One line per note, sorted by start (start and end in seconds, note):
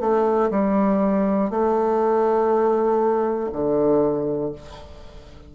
0.00 0.50 A3
0.50 1.50 G3
1.50 3.50 A3
3.52 4.52 D3